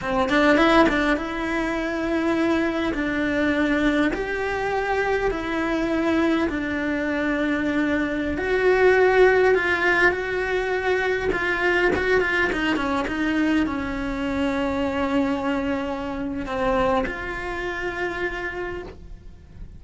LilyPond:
\new Staff \with { instrumentName = "cello" } { \time 4/4 \tempo 4 = 102 c'8 d'8 e'8 d'8 e'2~ | e'4 d'2 g'4~ | g'4 e'2 d'4~ | d'2~ d'16 fis'4.~ fis'16~ |
fis'16 f'4 fis'2 f'8.~ | f'16 fis'8 f'8 dis'8 cis'8 dis'4 cis'8.~ | cis'1 | c'4 f'2. | }